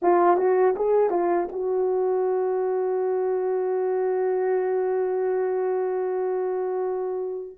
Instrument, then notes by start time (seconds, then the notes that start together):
horn
0.01 F4
0.37 F#4
0.76 G#4
1.09 F4
1.52 F#4